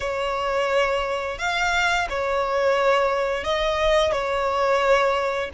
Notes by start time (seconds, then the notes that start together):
0.00 C#5
1.38 F5
2.09 C#5
3.44 D#5
4.12 C#5